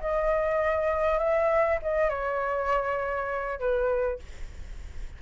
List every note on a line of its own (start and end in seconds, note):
0.00 1.18 D#5
1.18 1.78 E5
1.82 2.09 D#5
2.09 3.59 C#5
3.59 4.19 B4